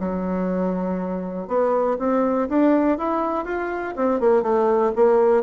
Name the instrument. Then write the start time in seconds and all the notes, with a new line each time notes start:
bassoon
0.00 F#3
1.48 B3
1.99 C4
2.50 D4
2.98 E4
3.45 F4
3.97 C4
4.21 A#3
4.43 A3
4.96 A#3